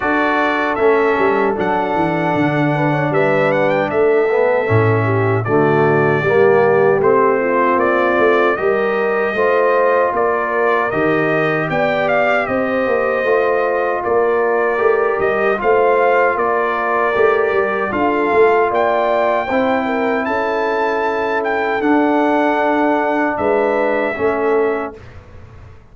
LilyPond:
<<
  \new Staff \with { instrumentName = "trumpet" } { \time 4/4 \tempo 4 = 77 d''4 e''4 fis''2 | e''8 fis''16 g''16 e''2 d''4~ | d''4 c''4 d''4 dis''4~ | dis''4 d''4 dis''4 g''8 f''8 |
dis''2 d''4. dis''8 | f''4 d''2 f''4 | g''2 a''4. g''8 | fis''2 e''2 | }
  \new Staff \with { instrumentName = "horn" } { \time 4/4 a'2.~ a'8 b'16 cis''16 | b'4 a'4. g'8 fis'4 | g'4. f'4. ais'4 | c''4 ais'2 d''4 |
c''2 ais'2 | c''4 ais'2 a'4 | d''4 c''8 ais'8 a'2~ | a'2 b'4 a'4 | }
  \new Staff \with { instrumentName = "trombone" } { \time 4/4 fis'4 cis'4 d'2~ | d'4. b8 cis'4 a4 | ais4 c'2 g'4 | f'2 g'2~ |
g'4 f'2 g'4 | f'2 g'4 f'4~ | f'4 e'2. | d'2. cis'4 | }
  \new Staff \with { instrumentName = "tuba" } { \time 4/4 d'4 a8 g8 fis8 e8 d4 | g4 a4 a,4 d4 | g4 a4 ais8 a8 g4 | a4 ais4 dis4 b4 |
c'8 ais8 a4 ais4 a8 g8 | a4 ais4 a8 g8 d'8 a8 | ais4 c'4 cis'2 | d'2 gis4 a4 | }
>>